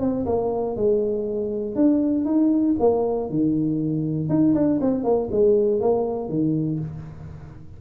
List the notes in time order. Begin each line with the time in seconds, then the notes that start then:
0.00 C4
0.25 A#3
0.76 G#3
1.75 D4
2.25 D#4
2.79 A#3
3.30 D#3
4.29 D#4
4.54 D4
4.80 C4
5.04 A#3
5.31 G#3
5.80 A#3
6.29 D#3